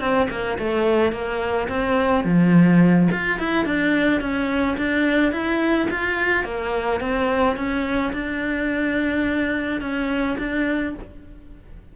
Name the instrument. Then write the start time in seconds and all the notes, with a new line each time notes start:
cello
0.00 C4
0.30 A#3
0.59 A3
1.12 A#3
1.68 C4
2.25 F3
3.12 F4
3.40 E4
3.65 D4
4.21 C#4
4.78 D4
5.32 E4
5.91 F4
6.44 A#3
7.00 C4
7.56 C#4
8.13 D4
9.81 C#4
10.39 D4